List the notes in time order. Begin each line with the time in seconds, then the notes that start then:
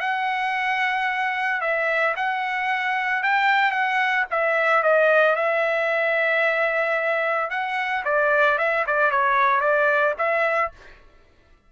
0.00 F#5
1.61 E5
2.16 F#5
3.23 G5
3.71 F#5
4.30 E5
4.83 D#5
5.36 E5
7.50 F#5
8.05 D5
8.58 E5
8.86 D5
9.11 C#5
9.60 D5
10.18 E5